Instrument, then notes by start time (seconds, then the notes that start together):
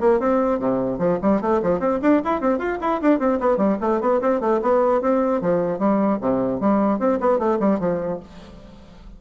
bassoon
0.00 A#3
0.19 C4
0.59 C3
0.99 F3
1.22 G3
1.41 A3
1.62 F3
1.80 C4
2.02 D4
2.24 E4
2.41 C4
2.58 F4
2.81 E4
3.01 D4
3.19 C4
3.40 B3
3.57 G3
3.81 A3
4.01 B3
4.21 C4
4.40 A3
4.62 B3
5.01 C4
5.41 F3
5.79 G3
6.21 C3
6.60 G3
6.99 C4
7.20 B3
7.39 A3
7.60 G3
7.79 F3